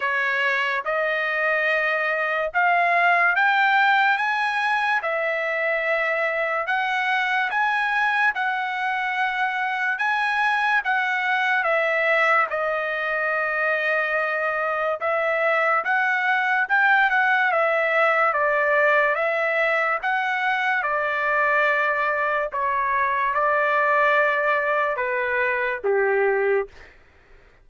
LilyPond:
\new Staff \with { instrumentName = "trumpet" } { \time 4/4 \tempo 4 = 72 cis''4 dis''2 f''4 | g''4 gis''4 e''2 | fis''4 gis''4 fis''2 | gis''4 fis''4 e''4 dis''4~ |
dis''2 e''4 fis''4 | g''8 fis''8 e''4 d''4 e''4 | fis''4 d''2 cis''4 | d''2 b'4 g'4 | }